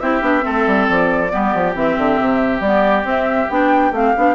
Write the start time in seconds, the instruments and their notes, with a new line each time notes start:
0.00 bassoon C4, clarinet E4, oboe G4, flute E5
0.21 bassoon B3, clarinet D4
0.41 bassoon A3, clarinet C4, oboe A4
0.67 bassoon G3
0.88 bassoon F3, flute D5
1.31 bassoon G3, clarinet B3, oboe G4
1.54 bassoon F3
1.75 bassoon E3, clarinet C4, flute E5
1.98 bassoon D3
2.20 bassoon C3
2.60 bassoon G3, clarinet B3, flute D5
3.03 clarinet C4, bassoon C4, flute E5
3.49 bassoon B3, clarinet D4, flute G5
3.91 bassoon A3, clarinet C4, flute F5
4.16 bassoon B3, clarinet D4